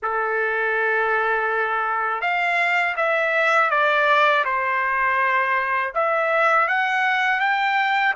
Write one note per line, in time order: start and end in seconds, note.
0.02 2.21 A4
2.21 2.95 F5
2.96 3.70 E5
3.70 4.44 D5
4.44 5.93 C5
5.94 6.67 E5
6.67 7.40 F#5
7.40 8.14 G5